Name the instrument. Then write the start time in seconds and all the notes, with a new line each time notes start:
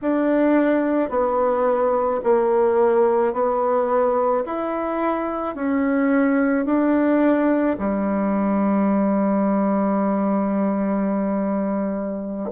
bassoon
0.01 D4
1.09 B3
2.23 A#3
3.33 B3
4.45 E4
5.55 C#4
6.65 D4
7.78 G3